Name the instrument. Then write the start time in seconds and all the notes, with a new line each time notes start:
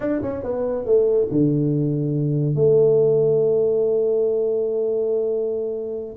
tuba
0.00 D4
0.22 C#4
0.43 B3
0.85 A3
1.31 D3
2.55 A3